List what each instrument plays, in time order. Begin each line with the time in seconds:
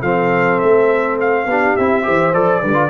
0.00 tuba F3, trombone C4, horn A4, trumpet F5
0.59 tuba A3, trumpet E5
1.20 trumpet F5
1.46 tuba B3, trombone D4, horn G4
1.76 tuba C4, trombone E4, trumpet E5
2.03 tuba E3, trombone G4, horn C5
2.33 tuba F3, trombone A4, trumpet D5
2.61 tuba D3, trombone G3, horn B4
2.74 trombone F4